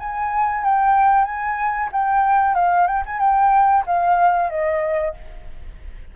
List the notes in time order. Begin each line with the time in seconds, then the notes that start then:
0.00 G#5
0.65 G5
1.25 G#5
1.93 G5
2.55 F5
2.88 G5
3.06 G#5
3.20 G5
3.87 F5
4.50 D#5